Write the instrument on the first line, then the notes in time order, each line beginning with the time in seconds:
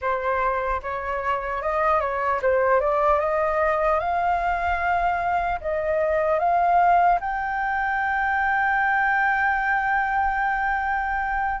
flute
0.01 C5
0.82 C#5
1.62 D#5
2.00 C#5
2.41 C5
2.80 D5
3.19 D#5
3.99 F5
5.60 D#5
6.39 F5
7.20 G5